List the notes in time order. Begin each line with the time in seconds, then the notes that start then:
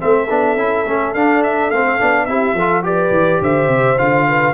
0.00 A3 C4 A4 E5
0.30 B3 D4
0.56 C#4 E4
0.87 A3 C#4
1.15 D4 F5
1.44 E5
1.71 A3 C4 F5
2.00 B3 D4
2.26 C4 E4 G4 E5
2.54 F3 F4 A4
2.84 G4 B4 D5
3.11 E3
3.42 D3 C5 E5
3.69 C3
3.98 D3 F4 F5
4.28 B4